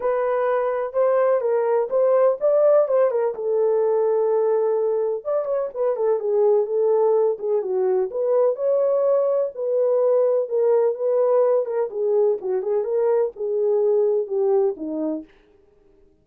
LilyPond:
\new Staff \with { instrumentName = "horn" } { \time 4/4 \tempo 4 = 126 b'2 c''4 ais'4 | c''4 d''4 c''8 ais'8 a'4~ | a'2. d''8 cis''8 | b'8 a'8 gis'4 a'4. gis'8 |
fis'4 b'4 cis''2 | b'2 ais'4 b'4~ | b'8 ais'8 gis'4 fis'8 gis'8 ais'4 | gis'2 g'4 dis'4 | }